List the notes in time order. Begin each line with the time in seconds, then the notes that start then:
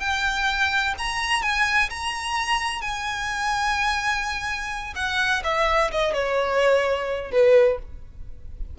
0.00 G5
0.98 A#5
1.42 G#5
1.90 A#5
2.82 G#5
4.96 F#5
5.44 E5
5.92 D#5
6.14 C#5
7.32 B4